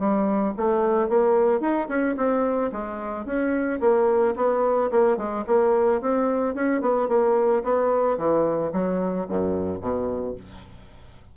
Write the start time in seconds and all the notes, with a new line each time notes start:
0.00 G3
0.57 A3
1.09 A#3
1.61 D#4
1.89 C#4
2.17 C4
2.72 G#3
3.26 C#4
3.81 A#3
4.37 B3
4.92 A#3
5.18 G#3
5.47 A#3
6.02 C4
6.55 C#4
6.82 B3
7.09 A#3
7.64 B3
8.18 E3
8.73 F#3
9.30 F#2
9.81 B2